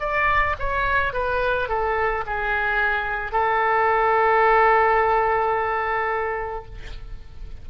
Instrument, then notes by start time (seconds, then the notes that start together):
oboe
0.00 D5
0.59 C#5
1.13 B4
1.69 A4
2.26 G#4
3.32 A4